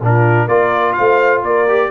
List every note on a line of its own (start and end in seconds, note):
0.00 0.47 A#2
0.00 0.48 D4
0.00 0.47 F4
0.00 0.48 A#4
0.47 0.95 A#3
0.47 1.67 F4
0.47 0.95 A#4
0.47 0.92 D5
0.92 1.42 C5
0.92 1.40 F5
0.99 1.43 A3
1.42 1.90 A#3
1.42 1.90 A#4
1.42 1.91 D5
1.68 1.91 G4